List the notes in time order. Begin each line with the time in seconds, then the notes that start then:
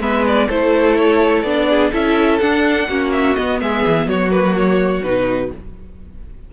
0.00 G#3 B3 B4 E5
0.27 D5
0.48 A3 E4 A4 C5
0.96 C#5
1.43 B3 D4 D5
1.69 G#4
1.92 C#4 E4 A4 E5
2.39 D4 F#5
2.88 A#3 C#4 F#4
3.12 E5
3.36 B3 D#5
3.60 G#3 G#4 E5
3.86 E3
4.05 F#3 F#4 C#5
4.30 A#3 B4
4.57 C#5
5.03 B2 D#4 B4